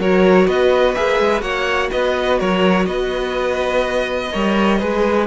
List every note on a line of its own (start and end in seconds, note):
0.00 0.48 F#3
0.00 0.96 F#4
0.00 0.47 A#4
0.00 0.48 C#5
0.47 0.96 B3
0.47 1.43 B4
0.47 0.95 D#5
0.95 1.20 A#3
0.95 1.40 G#4
0.95 1.42 E5
1.20 1.42 G#3
1.40 1.90 A#3
1.40 4.28 F#4
1.40 1.91 C#5
1.40 1.90 F#5
1.91 2.42 B3
1.91 2.39 B4
1.91 2.40 D#5
2.39 2.87 F#3
2.39 2.87 A#4
2.39 2.87 C#5
2.87 4.31 B3
2.87 4.33 B4
2.87 5.26 D#5
4.32 4.82 G3
4.32 4.80 A#4
4.32 4.79 C#5
4.79 5.27 G#3
4.79 5.27 G#4
4.79 5.27 B4